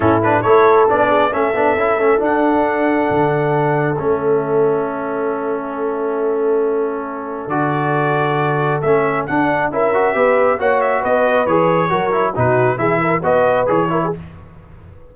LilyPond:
<<
  \new Staff \with { instrumentName = "trumpet" } { \time 4/4 \tempo 4 = 136 a'8 b'8 cis''4 d''4 e''4~ | e''4 fis''2.~ | fis''4 e''2.~ | e''1~ |
e''4 d''2. | e''4 fis''4 e''2 | fis''8 e''8 dis''4 cis''2 | b'4 e''4 dis''4 cis''4 | }
  \new Staff \with { instrumentName = "horn" } { \time 4/4 e'4 a'4. gis'8 a'4~ | a'1~ | a'1~ | a'1~ |
a'1~ | a'2 ais'4 b'4 | cis''4 b'2 ais'4 | fis'4 gis'8 ais'8 b'4. ais'16 gis'16 | }
  \new Staff \with { instrumentName = "trombone" } { \time 4/4 cis'8 d'8 e'4 d'4 cis'8 d'8 | e'8 cis'8 d'2.~ | d'4 cis'2.~ | cis'1~ |
cis'4 fis'2. | cis'4 d'4 e'8 fis'8 g'4 | fis'2 gis'4 fis'8 e'8 | dis'4 e'4 fis'4 gis'8 e'8 | }
  \new Staff \with { instrumentName = "tuba" } { \time 4/4 a,4 a4 b4 a8 b8 | cis'8 a8 d'2 d4~ | d4 a2.~ | a1~ |
a4 d2. | a4 d'4 cis'4 b4 | ais4 b4 e4 fis4 | b,4 e4 b4 e4 | }
>>